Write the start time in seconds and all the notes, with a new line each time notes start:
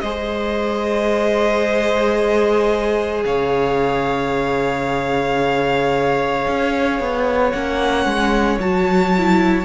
0.00 G#3 G#4 C5 D#5
3.25 C#3 C#5 F5
6.48 C#4
7.00 B3
7.51 A#3 C#4 F#5
8.05 G#3
8.60 F#3 F#4 A5
9.18 E4